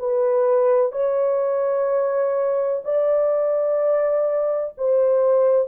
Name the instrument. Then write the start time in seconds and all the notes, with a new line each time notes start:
horn
0.00 B4
0.92 C#5
2.85 D5
4.78 C5